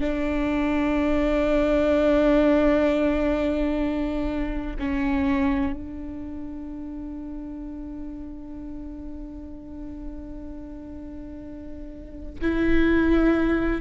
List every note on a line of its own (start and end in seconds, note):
0.00 4.76 D4
4.78 5.73 C#4
5.73 12.39 D4
12.41 13.81 E4